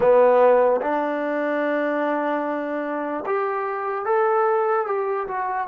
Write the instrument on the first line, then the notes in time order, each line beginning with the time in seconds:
trombone
0.00 B3
0.81 D4
3.25 G4
4.05 A4
4.86 G4
5.27 F#4